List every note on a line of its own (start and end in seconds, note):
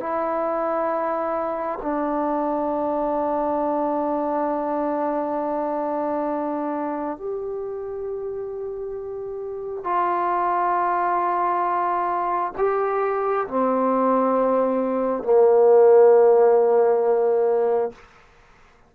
0.00 1.79 E4
1.82 7.18 D4
7.18 9.84 G4
9.84 12.53 F4
12.58 13.47 G4
13.48 15.24 C4
15.24 17.92 A#3